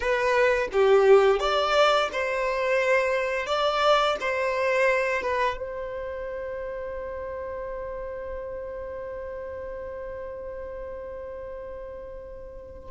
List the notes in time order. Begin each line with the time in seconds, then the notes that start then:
0.00 B4
0.72 G4
1.39 D5
2.12 C5
3.46 D5
4.20 C5
5.22 B4
5.57 C5